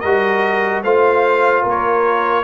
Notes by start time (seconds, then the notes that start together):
0.00 G3 F#4 A#4 D#5
0.83 A3 F4 C5 F5
1.62 A#3 A#4
1.69 C#5